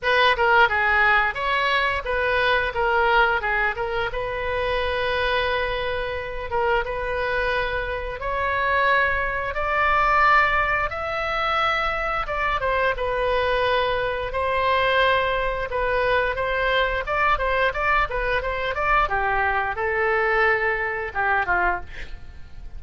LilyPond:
\new Staff \with { instrumentName = "oboe" } { \time 4/4 \tempo 4 = 88 b'8 ais'8 gis'4 cis''4 b'4 | ais'4 gis'8 ais'8 b'2~ | b'4. ais'8 b'2 | cis''2 d''2 |
e''2 d''8 c''8 b'4~ | b'4 c''2 b'4 | c''4 d''8 c''8 d''8 b'8 c''8 d''8 | g'4 a'2 g'8 f'8 | }